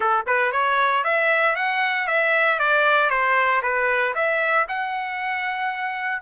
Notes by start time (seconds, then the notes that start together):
0.00 A4
0.26 B4
0.52 C#5
1.03 E5
1.55 F#5
2.07 E5
2.59 D5
3.10 C5
3.62 B4
4.14 E5
4.68 F#5